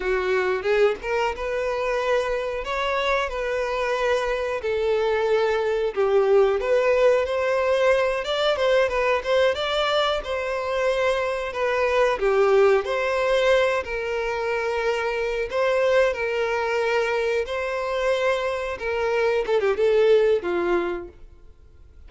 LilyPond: \new Staff \with { instrumentName = "violin" } { \time 4/4 \tempo 4 = 91 fis'4 gis'8 ais'8 b'2 | cis''4 b'2 a'4~ | a'4 g'4 b'4 c''4~ | c''8 d''8 c''8 b'8 c''8 d''4 c''8~ |
c''4. b'4 g'4 c''8~ | c''4 ais'2~ ais'8 c''8~ | c''8 ais'2 c''4.~ | c''8 ais'4 a'16 g'16 a'4 f'4 | }